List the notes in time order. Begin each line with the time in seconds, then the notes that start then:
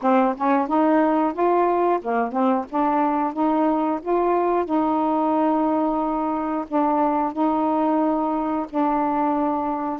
0.02 C4
0.37 C#4
0.67 D#4
1.33 F4
2.01 A#3
2.32 C4
2.69 D4
3.33 D#4
4.02 F4
4.65 D#4
6.67 D4
7.32 D#4
8.69 D4